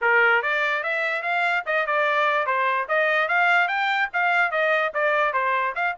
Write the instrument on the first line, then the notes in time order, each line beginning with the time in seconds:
trumpet
0.01 A#4
0.42 D5
0.83 E5
1.22 F5
1.66 D#5
1.86 D5
2.46 C5
2.88 D#5
3.28 F5
3.67 G5
4.13 F5
4.51 D#5
4.94 D5
5.33 C5
5.75 F5